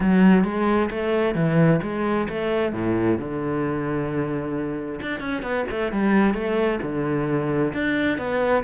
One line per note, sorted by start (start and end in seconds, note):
0.00 0.44 F#3
0.44 0.89 G#3
0.90 1.34 A3
1.34 1.80 E3
1.82 2.28 G#3
2.28 2.73 A3
2.73 3.18 A2
3.18 5.00 D3
5.01 5.19 D4
5.19 5.42 C#4
5.42 5.65 B3
5.70 5.92 A3
5.92 6.33 G3
6.33 6.79 A3
6.82 7.73 D3
7.73 8.18 D4
8.18 8.63 B3